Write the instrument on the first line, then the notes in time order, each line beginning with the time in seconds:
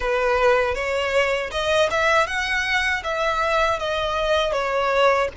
violin
0.00 B4
0.74 C#5
1.51 D#5
1.90 E5
2.26 F#5
3.03 E5
3.79 D#5
4.52 C#5